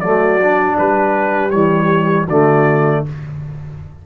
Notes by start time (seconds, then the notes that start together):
0.00 F#3 A3 F#4 D5
0.41 D4
0.78 G3 G4 B4
1.51 E3 G3 C#5
2.26 D3 A3 F#4 D5